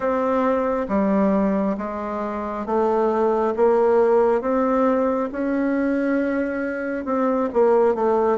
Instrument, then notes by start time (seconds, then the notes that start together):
bassoon
0.00 C4
0.88 G3
1.77 G#3
2.66 A3
3.56 A#3
4.41 C4
5.32 C#4
7.05 C4
7.53 A#3
7.95 A3